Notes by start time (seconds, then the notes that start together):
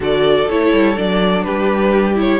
0.00 D3 F#4 A4 D5
0.49 A3 E4 C#5
0.73 G3
0.96 F#3 D4 D5
1.43 G3 G4 B4
2.15 E4 C#5